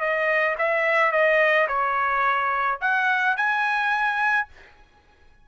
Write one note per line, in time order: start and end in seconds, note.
0.00 0.56 D#5
0.58 1.12 E5
1.12 1.67 D#5
1.67 2.79 C#5
2.81 3.36 F#5
3.36 4.47 G#5